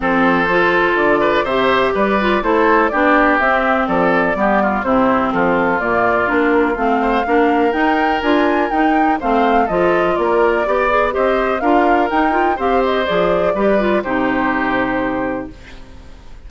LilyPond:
<<
  \new Staff \with { instrumentName = "flute" } { \time 4/4 \tempo 4 = 124 c''2 d''4 e''4 | d''4 c''4 d''4 e''4 | d''2 c''4 a'4 | d''4 ais'4 f''2 |
g''4 gis''4 g''4 f''4 | dis''4 d''2 dis''4 | f''4 g''4 f''8 dis''8 d''4~ | d''4 c''2. | }
  \new Staff \with { instrumentName = "oboe" } { \time 4/4 a'2~ a'8 b'8 c''4 | b'4 a'4 g'2 | a'4 g'8 f'8 e'4 f'4~ | f'2~ f'8 c''8 ais'4~ |
ais'2. c''4 | a'4 ais'4 d''4 c''4 | ais'2 c''2 | b'4 g'2. | }
  \new Staff \with { instrumentName = "clarinet" } { \time 4/4 c'4 f'2 g'4~ | g'8 f'8 e'4 d'4 c'4~ | c'4 b4 c'2 | ais4 d'4 c'4 d'4 |
dis'4 f'4 dis'4 c'4 | f'2 g'8 gis'8 g'4 | f'4 dis'8 f'8 g'4 gis'4 | g'8 f'8 dis'2. | }
  \new Staff \with { instrumentName = "bassoon" } { \time 4/4 f2 d4 c4 | g4 a4 b4 c'4 | f4 g4 c4 f4 | ais,4 ais4 a4 ais4 |
dis'4 d'4 dis'4 a4 | f4 ais4 b4 c'4 | d'4 dis'4 c'4 f4 | g4 c2. | }
>>